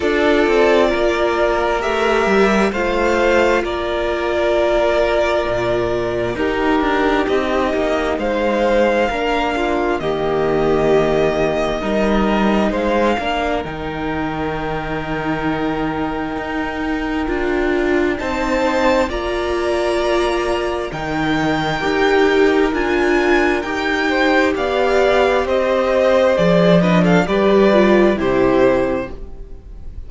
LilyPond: <<
  \new Staff \with { instrumentName = "violin" } { \time 4/4 \tempo 4 = 66 d''2 e''4 f''4 | d''2. ais'4 | dis''4 f''2 dis''4~ | dis''2 f''4 g''4~ |
g''1 | a''4 ais''2 g''4~ | g''4 gis''4 g''4 f''4 | dis''4 d''8 dis''16 f''16 d''4 c''4 | }
  \new Staff \with { instrumentName = "violin" } { \time 4/4 a'4 ais'2 c''4 | ais'2. g'4~ | g'4 c''4 ais'8 f'8 g'4~ | g'4 ais'4 c''8 ais'4.~ |
ais'1 | c''4 d''2 ais'4~ | ais'2~ ais'8 c''8 d''4 | c''4. b'16 a'16 b'4 g'4 | }
  \new Staff \with { instrumentName = "viola" } { \time 4/4 f'2 g'4 f'4~ | f'2. dis'4~ | dis'2 d'4 ais4~ | ais4 dis'4. d'8 dis'4~ |
dis'2. f'4 | dis'4 f'2 dis'4 | g'4 f'4 g'2~ | g'4 gis'8 d'8 g'8 f'8 e'4 | }
  \new Staff \with { instrumentName = "cello" } { \time 4/4 d'8 c'8 ais4 a8 g8 a4 | ais2 ais,4 dis'8 d'8 | c'8 ais8 gis4 ais4 dis4~ | dis4 g4 gis8 ais8 dis4~ |
dis2 dis'4 d'4 | c'4 ais2 dis4 | dis'4 d'4 dis'4 b4 | c'4 f4 g4 c4 | }
>>